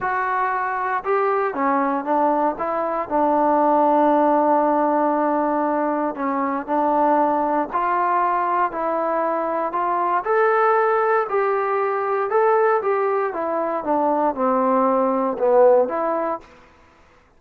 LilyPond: \new Staff \with { instrumentName = "trombone" } { \time 4/4 \tempo 4 = 117 fis'2 g'4 cis'4 | d'4 e'4 d'2~ | d'1 | cis'4 d'2 f'4~ |
f'4 e'2 f'4 | a'2 g'2 | a'4 g'4 e'4 d'4 | c'2 b4 e'4 | }